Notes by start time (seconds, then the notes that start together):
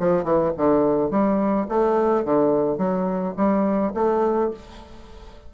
0.00 F3
0.24 E3
0.57 D3
1.11 G3
1.69 A3
2.25 D3
2.78 F#3
3.37 G3
3.94 A3